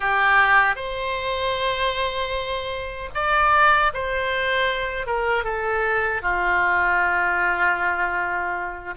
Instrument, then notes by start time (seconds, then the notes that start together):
oboe
0.00 G4
0.75 C5
3.14 D5
3.93 C5
5.06 A#4
5.44 A4
6.21 F4